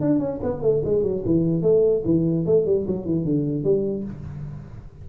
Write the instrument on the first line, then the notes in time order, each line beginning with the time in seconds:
tuba
0.00 D4
0.19 C#4
0.43 B3
0.62 A3
0.84 G#3
1.03 F#3
1.25 E3
1.62 A3
2.05 E3
2.45 A3
2.65 G3
2.87 F#3
3.05 E3
3.24 D3
3.63 G3